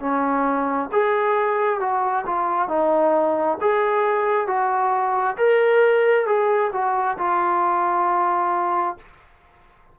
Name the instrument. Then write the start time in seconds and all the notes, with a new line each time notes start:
trombone
0.00 C#4
0.92 G#4
1.80 F#4
2.26 F4
2.68 D#4
3.61 G#4
4.47 F#4
5.37 A#4
6.26 G#4
6.72 F#4
7.18 F4